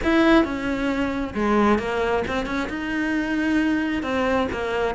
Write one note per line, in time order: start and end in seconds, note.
0.03 0.44 E4
0.44 1.34 C#4
1.34 1.78 G#3
1.78 2.23 A#3
2.27 2.46 C4
2.46 2.68 C#4
2.69 4.02 D#4
4.02 4.47 C4
4.52 4.95 A#3